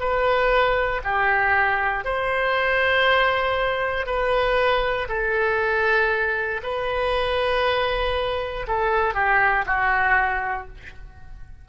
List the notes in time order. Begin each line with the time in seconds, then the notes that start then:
0.00 B4
1.04 G4
2.05 C5
4.06 B4
5.08 A4
6.63 B4
8.68 A4
9.14 G4
9.66 F#4